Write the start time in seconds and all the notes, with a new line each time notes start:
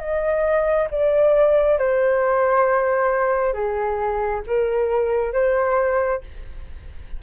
0.00 D#5
0.91 D5
1.79 C5
3.53 G#4
4.48 A#4
5.33 C5